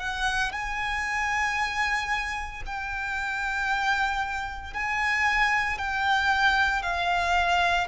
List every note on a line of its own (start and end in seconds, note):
0.00 0.53 F#5
0.53 2.63 G#5
2.67 4.74 G5
4.74 5.78 G#5
5.78 6.83 G5
6.83 7.88 F5